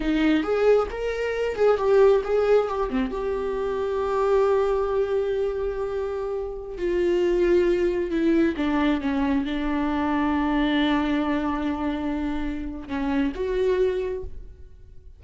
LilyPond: \new Staff \with { instrumentName = "viola" } { \time 4/4 \tempo 4 = 135 dis'4 gis'4 ais'4. gis'8 | g'4 gis'4 g'8 c'8 g'4~ | g'1~ | g'2.~ g'16 f'8.~ |
f'2~ f'16 e'4 d'8.~ | d'16 cis'4 d'2~ d'8.~ | d'1~ | d'4 cis'4 fis'2 | }